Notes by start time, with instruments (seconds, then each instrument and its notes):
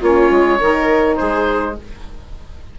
0.00 bassoon A#3, saxophone C#4, viola F4, oboe C#5
0.30 bassoon G#3
0.59 bassoon D#3, saxophone D#4, viola A#4
1.16 bassoon G#3, viola G#4, oboe C5